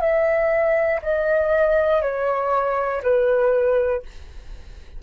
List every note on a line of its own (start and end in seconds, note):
0.00 1.00 E5
1.02 2.01 D#5
2.01 3.01 C#5
3.02 4.02 B4